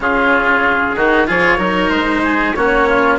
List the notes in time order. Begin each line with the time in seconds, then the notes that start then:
0.00 C#3 C#4 F4 G#4
0.95 D#3 D#4 F#4
1.27 F3 F4 G#4 C#5
1.57 F#3 D#4 A#4
1.89 G#3 C5
2.24 G#4
2.54 A#3 C#4 F#4 C#5
2.88 F4